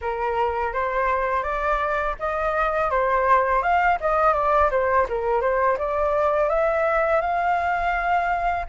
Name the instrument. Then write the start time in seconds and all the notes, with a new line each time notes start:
flute
0.01 A#4
0.73 C5
1.43 D5
2.19 D#5
2.90 C5
3.62 F5
4.00 D#5
4.33 D5
4.70 C5
5.09 A#4
5.41 C5
5.77 D5
6.49 E5
7.21 F5